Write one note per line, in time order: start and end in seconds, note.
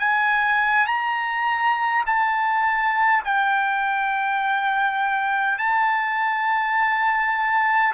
0.00 0.87 G#5
0.87 2.05 A#5
2.06 3.24 A5
3.25 5.59 G5
5.59 7.94 A5